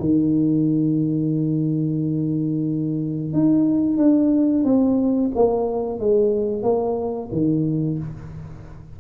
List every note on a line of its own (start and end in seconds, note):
0.00 3.33 D#3
3.33 3.98 D#4
3.98 4.65 D4
4.65 5.31 C4
5.35 6.00 A#3
6.00 6.63 G#3
6.63 7.30 A#3
7.32 7.99 D#3